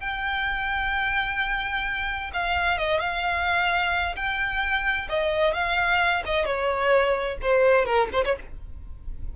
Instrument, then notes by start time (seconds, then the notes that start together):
violin
0.00 G5
2.33 F5
2.78 D#5
3.00 F5
4.16 G5
5.09 D#5
5.53 F5
6.25 D#5
6.45 C#5
7.42 C5
7.85 A#4
8.12 C5
8.24 C#5